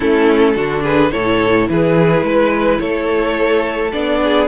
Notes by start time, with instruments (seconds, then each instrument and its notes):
0.00 cello A3, viola C#4, violin E4 A4
0.55 cello D3, viola D4, violin F#4
0.82 violin G#4 B4
1.11 cello A2, viola E4, violin A4 C#5
1.68 cello E3, violin G#4 B4
2.22 cello G#3, violin B4
2.79 cello A3, violin A4 C#5
3.92 cello B3, viola D4, violin D5
4.23 violin G#4